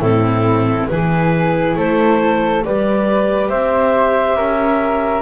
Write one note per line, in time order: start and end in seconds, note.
0.00 0.87 A2
0.00 0.89 C4
0.00 0.88 E4
0.00 0.88 A4
0.89 1.76 E3
0.89 2.64 E4
0.89 1.77 G#4
0.89 1.76 B4
1.76 2.63 A3
1.76 2.64 A4
1.76 2.64 C5
2.64 3.50 G3
2.64 5.22 G4
2.64 3.50 B4
2.64 3.49 D5
3.49 4.36 C4
3.49 4.36 C5
3.49 5.22 E5
4.36 5.22 C#4
4.36 5.22 A#4